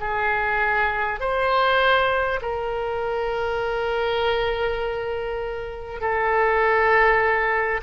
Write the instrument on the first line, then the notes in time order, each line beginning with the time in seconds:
oboe
0.00 G#4
1.20 C5
2.42 A#4
6.01 A4